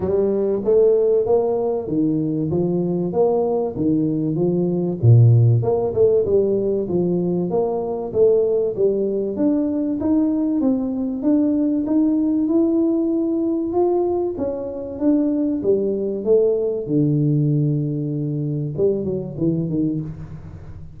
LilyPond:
\new Staff \with { instrumentName = "tuba" } { \time 4/4 \tempo 4 = 96 g4 a4 ais4 dis4 | f4 ais4 dis4 f4 | ais,4 ais8 a8 g4 f4 | ais4 a4 g4 d'4 |
dis'4 c'4 d'4 dis'4 | e'2 f'4 cis'4 | d'4 g4 a4 d4~ | d2 g8 fis8 e8 dis8 | }